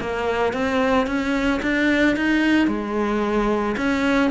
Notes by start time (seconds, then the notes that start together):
0.00 A#3
0.53 C4
1.06 C#4
1.62 D4
2.16 D#4
2.67 G#3
3.76 C#4